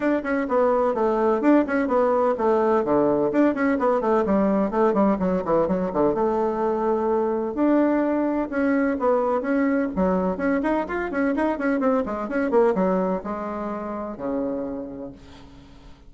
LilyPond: \new Staff \with { instrumentName = "bassoon" } { \time 4/4 \tempo 4 = 127 d'8 cis'8 b4 a4 d'8 cis'8 | b4 a4 d4 d'8 cis'8 | b8 a8 g4 a8 g8 fis8 e8 | fis8 d8 a2. |
d'2 cis'4 b4 | cis'4 fis4 cis'8 dis'8 f'8 cis'8 | dis'8 cis'8 c'8 gis8 cis'8 ais8 fis4 | gis2 cis2 | }